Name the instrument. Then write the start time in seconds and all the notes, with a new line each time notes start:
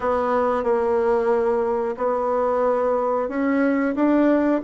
bassoon
0.00 B3
0.63 A#3
1.97 B3
3.28 C#4
3.95 D4